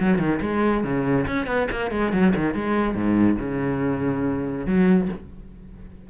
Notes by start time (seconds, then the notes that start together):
0.00 F#3
0.19 D#3
0.41 G#3
0.84 C#3
1.27 C#4
1.47 B3
1.71 A#3
1.91 G#3
2.13 F#3
2.36 D#3
2.54 G#3
2.95 G#2
3.39 C#3
4.66 F#3